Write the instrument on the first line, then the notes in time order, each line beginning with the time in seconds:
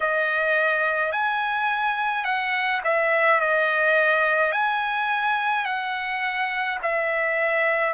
trumpet
0.00 D#5
1.12 G#5
2.24 F#5
2.84 E5
3.40 D#5
4.51 G#5
5.64 F#5
6.82 E5